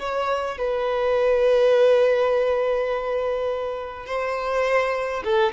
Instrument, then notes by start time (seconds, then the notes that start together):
violin
0.00 C#5
0.58 B4
4.07 C5
5.25 A4